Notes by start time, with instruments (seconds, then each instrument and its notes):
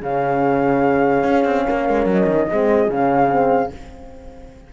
0.00 cello C#3, horn C#4 G#4, flute F5
1.24 cello C#4
1.44 cello C4
1.67 cello A#3, horn A#4
1.89 cello G#3
2.05 cello F#3, flute D#5
2.26 cello D#3
2.49 cello G#3, horn C4 G#4
2.88 cello C#3, horn C#4, flute F5
3.28 horn C4